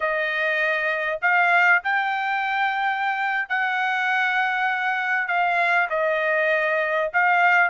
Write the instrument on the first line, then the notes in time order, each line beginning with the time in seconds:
trumpet
0.00 D#5
1.21 F5
1.83 G5
3.48 F#5
5.27 F5
5.90 D#5
7.13 F5